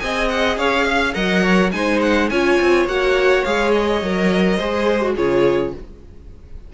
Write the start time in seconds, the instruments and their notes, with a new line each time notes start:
0.00 cello C4, viola G#4, violin D#5 G#5
0.29 violin F#5
0.58 cello C#4, violin C#5 F5
0.86 violin F5
1.14 cello F#3, viola A#4, violin D#5 F#5
1.43 violin C#5
1.72 cello G#3, viola D#4, violin C5 G#5
2.02 violin F#5
2.30 cello C#4, viola F4, violin C#5 G#5
2.61 cello C4
2.86 cello A#3, viola F#4, violin F#5
3.45 cello G#3, viola G#4, violin F5
3.72 violin D#5
4.02 cello F#3, viola A#4
4.57 cello G#3, viola G#4, violin C5
5.03 viola F#4
5.16 cello C#3, viola F4, violin G#4 C#5